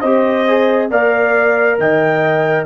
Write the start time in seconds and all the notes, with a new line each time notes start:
0.00 C4 G4 C5 D#5
0.48 G#4
0.90 A#3 A#4 D5 F5
1.78 D#3 D#5 G5